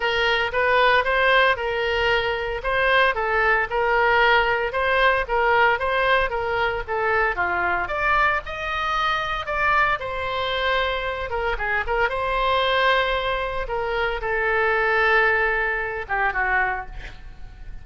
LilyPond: \new Staff \with { instrumentName = "oboe" } { \time 4/4 \tempo 4 = 114 ais'4 b'4 c''4 ais'4~ | ais'4 c''4 a'4 ais'4~ | ais'4 c''4 ais'4 c''4 | ais'4 a'4 f'4 d''4 |
dis''2 d''4 c''4~ | c''4. ais'8 gis'8 ais'8 c''4~ | c''2 ais'4 a'4~ | a'2~ a'8 g'8 fis'4 | }